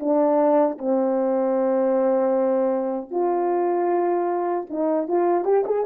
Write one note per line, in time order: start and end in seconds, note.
0.00 0.78 D4
0.78 3.11 C4
3.11 4.66 F4
4.70 5.08 D#4
5.08 5.45 F4
5.45 5.64 G4
5.66 5.85 G#4